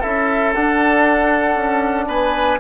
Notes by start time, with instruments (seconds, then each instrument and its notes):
0.00 bassoon C#4, trombone E4, oboe A4, flute E5
0.54 bassoon D4, trombone D4, flute F#5
1.56 bassoon C#4
2.07 bassoon B3, oboe B4, flute G#5